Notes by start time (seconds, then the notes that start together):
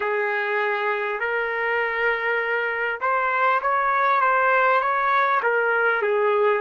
0.00 G#4
1.19 A#4
3.01 C5
3.61 C#5
4.21 C5
4.81 C#5
5.42 A#4
6.02 G#4